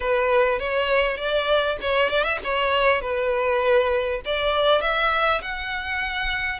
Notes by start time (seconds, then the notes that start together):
0.00 B4
0.59 C#5
1.17 D5
1.81 C#5
2.09 D5
2.23 E5
2.44 C#5
3.01 B4
4.25 D5
4.81 E5
5.41 F#5